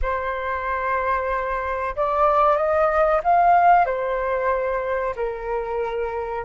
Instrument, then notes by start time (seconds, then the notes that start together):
flute
0.02 C5
1.95 D5
2.56 D#5
3.23 F5
3.85 C5
5.16 A#4